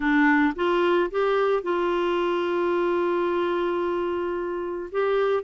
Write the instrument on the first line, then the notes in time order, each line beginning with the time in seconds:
clarinet
0.00 D4
0.55 F4
1.10 G4
1.62 F4
4.91 G4